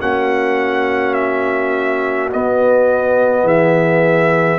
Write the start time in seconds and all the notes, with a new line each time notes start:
0.00 A#3 C#4 F#4 F#5
1.14 E5
2.31 B3 D#5
3.43 E3 G#4 E5